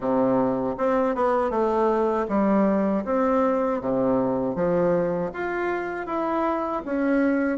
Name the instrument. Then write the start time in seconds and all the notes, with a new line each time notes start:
bassoon
0.00 C3
0.77 C4
1.15 B3
1.50 A3
2.28 G3
3.04 C4
3.80 C3
4.55 F3
5.33 F4
6.06 E4
6.85 C#4